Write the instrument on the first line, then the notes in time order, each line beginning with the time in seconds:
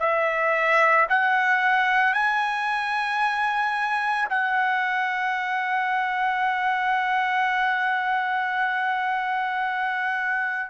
trumpet
0.00 E5
1.10 F#5
2.14 G#5
4.30 F#5